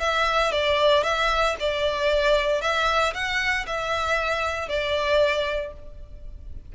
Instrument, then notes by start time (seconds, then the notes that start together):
violin
0.00 E5
0.52 D5
1.04 E5
1.60 D5
2.62 E5
3.14 F#5
3.67 E5
4.69 D5